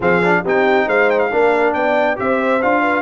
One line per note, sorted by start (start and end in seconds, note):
0.00 0.43 F3
0.00 0.22 C4
0.00 0.43 G#4
0.00 0.45 F5
0.22 0.44 D4
0.44 0.87 C4
0.44 1.31 D#4
0.44 0.86 G4
0.44 0.88 G5
0.86 1.30 G#3
0.86 1.29 C5
0.86 1.10 F5
1.10 1.19 G5
1.19 1.73 F5
1.31 1.74 A#3
1.31 2.16 D4
1.31 1.74 A#4
1.73 2.18 B3
1.73 2.18 D5
1.73 2.17 G5
2.16 2.62 C4
2.16 2.59 G4
2.16 2.82 C5
2.16 2.62 E5
2.62 3.02 D4
2.62 3.02 F4
2.62 3.02 F5
2.82 3.02 B4